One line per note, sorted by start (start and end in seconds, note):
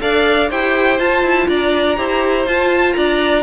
0.00 0.51 D4
0.00 0.49 A4
0.00 0.49 D5
0.00 0.50 F5
0.49 1.00 E4
0.49 0.99 G4
0.49 1.48 C5
0.49 0.99 G5
0.99 1.97 F4
0.99 1.23 F4
0.99 1.49 A5
1.23 1.48 E4
1.49 1.98 D4
1.49 1.98 D5
1.49 2.47 A#5
1.97 2.46 E4
1.97 2.46 G4
1.97 2.96 C5
2.46 2.95 F4
2.46 3.43 F4
2.46 2.93 A5
2.93 3.43 D4
2.93 3.43 D5
2.93 3.42 A#5